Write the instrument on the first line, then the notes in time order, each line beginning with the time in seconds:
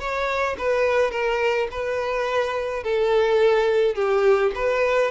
violin
0.00 C#5
0.59 B4
1.11 A#4
1.71 B4
2.84 A4
3.95 G4
4.55 B4